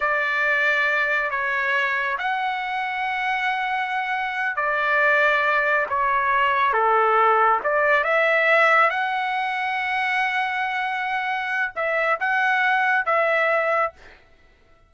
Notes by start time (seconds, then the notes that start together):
0.00 D5
1.30 C#5
2.18 F#5
4.56 D5
5.89 C#5
6.73 A4
7.63 D5
8.03 E5
8.90 F#5
11.75 E5
12.20 F#5
13.05 E5